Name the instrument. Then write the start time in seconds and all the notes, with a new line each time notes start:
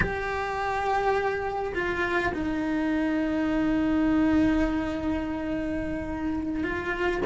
cello
0.00 G4
1.75 F4
2.33 D#4
6.63 F4